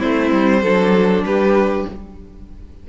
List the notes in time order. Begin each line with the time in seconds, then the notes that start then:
0.00 A3 C4 E4 C5
0.32 G3
0.63 F#3 D4 A4
1.24 G3 G4 B4